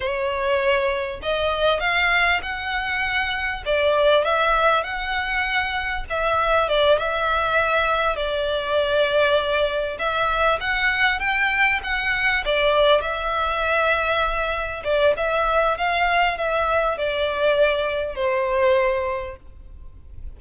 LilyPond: \new Staff \with { instrumentName = "violin" } { \time 4/4 \tempo 4 = 99 cis''2 dis''4 f''4 | fis''2 d''4 e''4 | fis''2 e''4 d''8 e''8~ | e''4. d''2~ d''8~ |
d''8 e''4 fis''4 g''4 fis''8~ | fis''8 d''4 e''2~ e''8~ | e''8 d''8 e''4 f''4 e''4 | d''2 c''2 | }